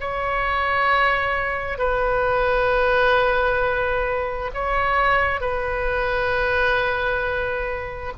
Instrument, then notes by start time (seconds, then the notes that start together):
oboe
0.00 C#5
1.78 B4
4.54 C#5
5.40 B4